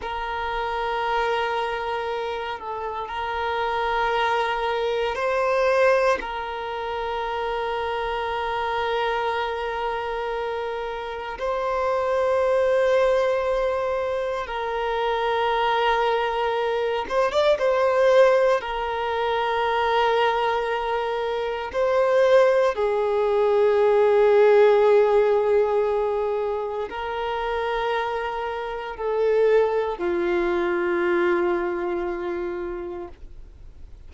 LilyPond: \new Staff \with { instrumentName = "violin" } { \time 4/4 \tempo 4 = 58 ais'2~ ais'8 a'8 ais'4~ | ais'4 c''4 ais'2~ | ais'2. c''4~ | c''2 ais'2~ |
ais'8 c''16 d''16 c''4 ais'2~ | ais'4 c''4 gis'2~ | gis'2 ais'2 | a'4 f'2. | }